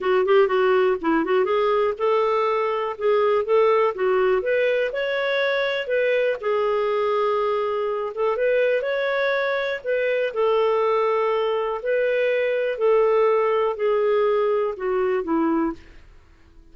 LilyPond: \new Staff \with { instrumentName = "clarinet" } { \time 4/4 \tempo 4 = 122 fis'8 g'8 fis'4 e'8 fis'8 gis'4 | a'2 gis'4 a'4 | fis'4 b'4 cis''2 | b'4 gis'2.~ |
gis'8 a'8 b'4 cis''2 | b'4 a'2. | b'2 a'2 | gis'2 fis'4 e'4 | }